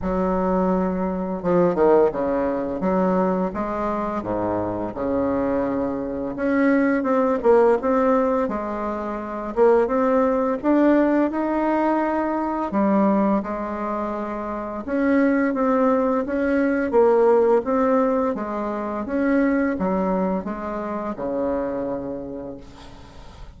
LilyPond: \new Staff \with { instrumentName = "bassoon" } { \time 4/4 \tempo 4 = 85 fis2 f8 dis8 cis4 | fis4 gis4 gis,4 cis4~ | cis4 cis'4 c'8 ais8 c'4 | gis4. ais8 c'4 d'4 |
dis'2 g4 gis4~ | gis4 cis'4 c'4 cis'4 | ais4 c'4 gis4 cis'4 | fis4 gis4 cis2 | }